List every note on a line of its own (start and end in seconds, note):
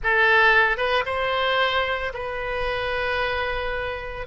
0.03 0.77 A4
0.77 1.03 B4
1.05 2.13 C5
2.13 4.26 B4